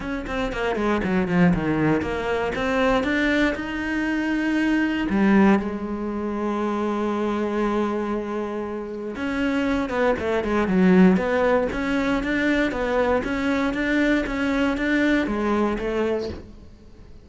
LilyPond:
\new Staff \with { instrumentName = "cello" } { \time 4/4 \tempo 4 = 118 cis'8 c'8 ais8 gis8 fis8 f8 dis4 | ais4 c'4 d'4 dis'4~ | dis'2 g4 gis4~ | gis1~ |
gis2 cis'4. b8 | a8 gis8 fis4 b4 cis'4 | d'4 b4 cis'4 d'4 | cis'4 d'4 gis4 a4 | }